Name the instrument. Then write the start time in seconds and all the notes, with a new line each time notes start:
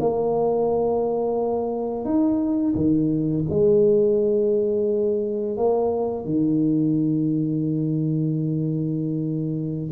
tuba
0.00 A#3
2.05 D#4
2.75 D#3
3.49 G#3
5.57 A#3
6.24 D#3